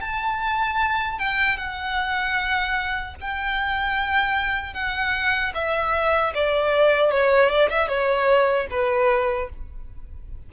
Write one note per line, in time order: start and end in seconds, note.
0.00 1.18 A5
1.18 1.57 G5
1.57 3.15 F#5
3.20 4.73 G5
4.73 5.52 F#5
5.54 6.33 E5
6.34 7.11 D5
7.11 7.49 C#5
7.49 7.69 D5
7.69 7.88 E5
7.88 8.67 C#5
8.70 9.49 B4